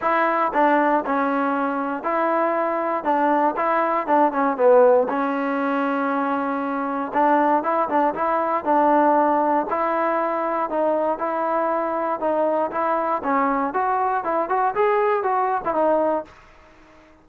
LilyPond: \new Staff \with { instrumentName = "trombone" } { \time 4/4 \tempo 4 = 118 e'4 d'4 cis'2 | e'2 d'4 e'4 | d'8 cis'8 b4 cis'2~ | cis'2 d'4 e'8 d'8 |
e'4 d'2 e'4~ | e'4 dis'4 e'2 | dis'4 e'4 cis'4 fis'4 | e'8 fis'8 gis'4 fis'8. e'16 dis'4 | }